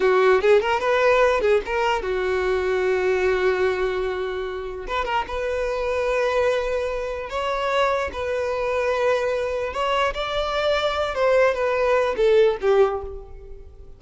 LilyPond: \new Staff \with { instrumentName = "violin" } { \time 4/4 \tempo 4 = 148 fis'4 gis'8 ais'8 b'4. gis'8 | ais'4 fis'2.~ | fis'1 | b'8 ais'8 b'2.~ |
b'2 cis''2 | b'1 | cis''4 d''2~ d''8 c''8~ | c''8 b'4. a'4 g'4 | }